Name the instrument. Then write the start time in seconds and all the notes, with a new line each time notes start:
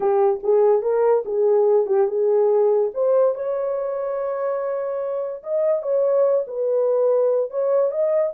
horn
0.00 G4
0.43 G#4
0.82 A#4
1.25 G#4
1.86 G4
2.07 G#4
2.94 C5
3.34 C#5
5.43 D#5
5.82 C#5
6.47 B4
7.50 C#5
7.91 D#5